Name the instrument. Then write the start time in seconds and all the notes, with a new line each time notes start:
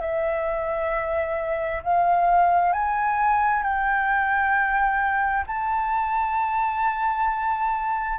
flute
0.00 E5
1.83 F5
2.73 G#5
3.62 G5
5.47 A5